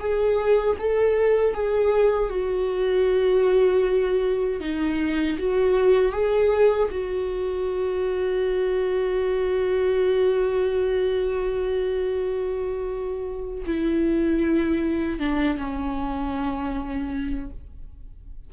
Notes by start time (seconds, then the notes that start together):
0.00 G#4
0.79 A4
1.54 G#4
2.30 F#4
4.61 D#4
5.39 F#4
6.12 G#4
6.91 F#4
13.66 E4
15.20 D4
15.58 C#4